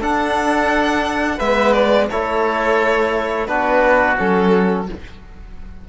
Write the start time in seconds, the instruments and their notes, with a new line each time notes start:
0.00 trombone D4, cello D4, oboe A4, violin F#5
1.37 cello G#3, trombone B3, oboe B4, violin E5
1.73 violin D5
2.10 cello A3, trombone E4, oboe A4, violin C#5
3.47 cello B3, trombone D4, oboe F#4, violin B4
4.18 cello F#3, trombone C#4, violin A4